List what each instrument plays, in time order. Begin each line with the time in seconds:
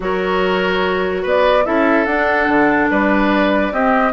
0.00 bassoon F#3, clarinet F#4, oboe A#4, flute C#5
1.22 bassoon B3, oboe B4, flute D5
1.64 bassoon C#4, clarinet E4, oboe A4, flute E5
2.05 bassoon D4, clarinet D4, flute F#5
2.48 bassoon D3
2.90 bassoon G3, oboe B4, flute D5
3.71 bassoon C4, clarinet C4, oboe G4, flute D#5